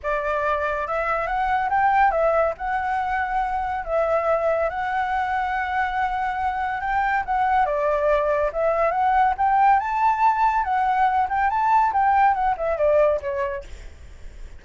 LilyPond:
\new Staff \with { instrumentName = "flute" } { \time 4/4 \tempo 4 = 141 d''2 e''4 fis''4 | g''4 e''4 fis''2~ | fis''4 e''2 fis''4~ | fis''1 |
g''4 fis''4 d''2 | e''4 fis''4 g''4 a''4~ | a''4 fis''4. g''8 a''4 | g''4 fis''8 e''8 d''4 cis''4 | }